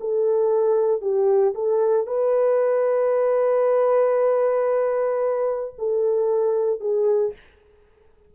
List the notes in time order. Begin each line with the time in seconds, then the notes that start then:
0.00 A4
1.01 G4
1.55 A4
2.07 B4
5.78 A4
6.80 G#4